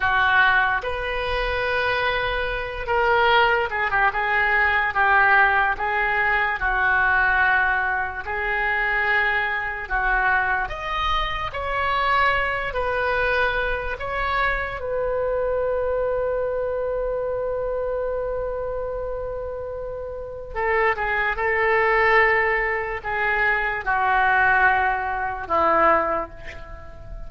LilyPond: \new Staff \with { instrumentName = "oboe" } { \time 4/4 \tempo 4 = 73 fis'4 b'2~ b'8 ais'8~ | ais'8 gis'16 g'16 gis'4 g'4 gis'4 | fis'2 gis'2 | fis'4 dis''4 cis''4. b'8~ |
b'4 cis''4 b'2~ | b'1~ | b'4 a'8 gis'8 a'2 | gis'4 fis'2 e'4 | }